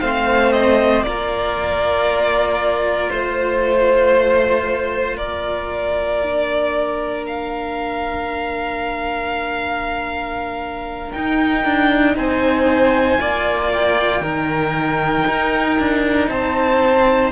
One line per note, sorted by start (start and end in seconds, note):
0.00 1.03 A3
0.00 1.05 C4
0.00 1.05 C5
0.00 0.52 F5
0.52 1.03 D#5
1.03 3.10 A#3
1.03 6.23 F4
1.03 3.11 A#4
1.03 3.09 D5
3.10 5.16 A3
3.10 5.17 C5
5.16 11.11 A#3
5.16 12.15 A#4
5.16 7.24 D5
6.23 11.14 D4
7.27 11.12 F5
11.12 13.18 D#4
11.12 11.65 D#4
11.12 12.16 G5
11.65 12.16 D4
12.16 13.19 C4
12.16 13.20 C5
12.16 13.73 G#5
13.18 14.21 A#3
13.18 14.22 F4
13.18 14.22 D5
13.73 16.29 G5
14.21 15.24 D#3
14.21 17.31 D#4
14.21 16.29 A#4
15.28 15.79 D#4
15.79 16.28 D4
16.28 17.31 C4
16.28 17.31 C5
16.28 17.31 A5